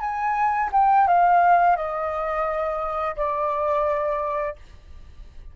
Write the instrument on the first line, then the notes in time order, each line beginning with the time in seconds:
flute
0.00 G#5
0.72 G5
1.07 F5
1.76 D#5
3.16 D5